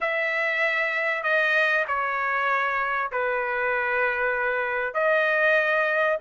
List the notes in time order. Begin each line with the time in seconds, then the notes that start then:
0.00 E5
1.23 D#5
1.87 C#5
3.11 B4
4.94 D#5